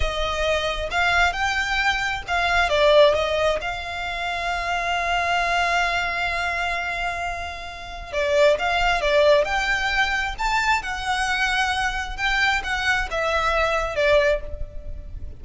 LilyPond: \new Staff \with { instrumentName = "violin" } { \time 4/4 \tempo 4 = 133 dis''2 f''4 g''4~ | g''4 f''4 d''4 dis''4 | f''1~ | f''1~ |
f''2 d''4 f''4 | d''4 g''2 a''4 | fis''2. g''4 | fis''4 e''2 d''4 | }